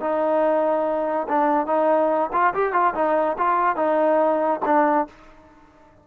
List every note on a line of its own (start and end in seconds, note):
0.00 1.27 D#4
1.28 1.66 D4
1.66 2.29 D#4
2.32 2.53 F4
2.54 2.73 G4
2.73 2.94 F4
2.94 3.36 D#4
3.38 3.76 F4
3.76 4.60 D#4
4.65 5.07 D4